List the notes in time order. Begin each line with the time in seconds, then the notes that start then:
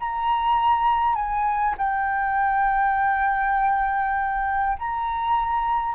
0.00 A#5
1.15 G#5
1.78 G5
4.79 A#5